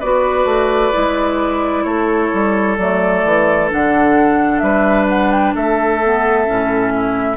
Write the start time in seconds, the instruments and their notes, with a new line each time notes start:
0.00 bassoon B3, clarinet F#4, oboe B4, flute D5
0.45 bassoon A3
0.93 bassoon G#3, clarinet E4
1.85 bassoon A3, oboe A4, flute C#5
2.34 bassoon G3
2.78 bassoon F#3, clarinet A3, flute D5
3.25 bassoon E3
3.71 bassoon D3, clarinet D4, flute F#5
4.59 bassoon G3, oboe B4, flute E5
5.09 flute F#5
5.32 flute G5
5.55 bassoon A3, oboe A4, flute E5
6.03 clarinet B3
6.46 bassoon A2, clarinet C#4
6.95 oboe E4